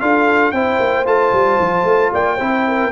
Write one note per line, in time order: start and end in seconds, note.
0.00 0.52 D4
0.00 0.53 F4
0.00 0.54 A4
0.00 0.51 F5
0.51 0.78 C4
0.51 1.05 E4
0.51 2.12 C5
0.51 1.04 G5
0.79 1.05 A#3
1.05 1.32 A3
1.05 2.38 F4
1.05 2.13 A5
1.32 1.59 G3
1.60 1.84 F3
1.84 2.10 A3
2.12 2.39 A#3
2.12 2.36 D5
2.12 2.92 G5
2.36 2.92 C4
2.36 2.92 E4
2.36 2.62 C5
2.67 2.92 A#4